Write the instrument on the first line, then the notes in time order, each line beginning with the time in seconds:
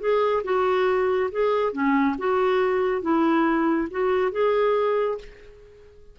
clarinet
0.00 G#4
0.44 F#4
1.32 G#4
1.73 C#4
2.18 F#4
3.02 E4
3.91 F#4
4.32 G#4